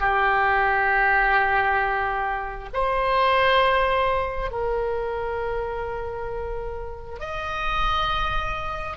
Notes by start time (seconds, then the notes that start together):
0.00 G4
2.73 C5
4.51 A#4
7.20 D#5